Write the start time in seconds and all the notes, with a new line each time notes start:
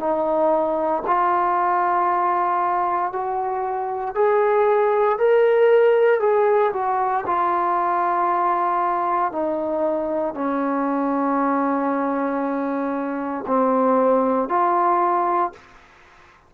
0.00 D#4
1.07 F4
3.13 F#4
4.15 G#4
5.19 A#4
6.21 G#4
6.73 F#4
7.26 F4
9.32 D#4
10.35 C#4
13.47 C4
14.49 F4